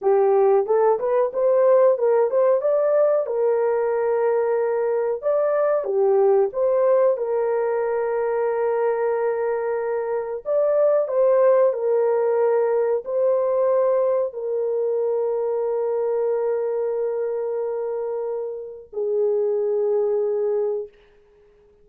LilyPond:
\new Staff \with { instrumentName = "horn" } { \time 4/4 \tempo 4 = 92 g'4 a'8 b'8 c''4 ais'8 c''8 | d''4 ais'2. | d''4 g'4 c''4 ais'4~ | ais'1 |
d''4 c''4 ais'2 | c''2 ais'2~ | ais'1~ | ais'4 gis'2. | }